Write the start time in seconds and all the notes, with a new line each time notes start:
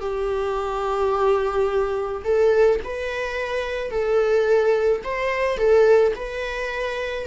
0.00 G4
2.24 A4
2.83 B4
3.91 A4
5.04 C5
5.57 A4
6.15 B4